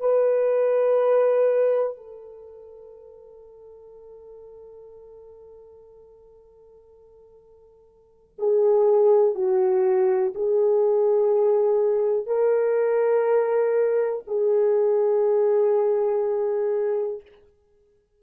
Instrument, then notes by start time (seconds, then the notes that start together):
horn
0.00 B4
1.97 A4
8.38 G#4
9.34 F#4
10.35 G#4
12.26 A#4
14.27 G#4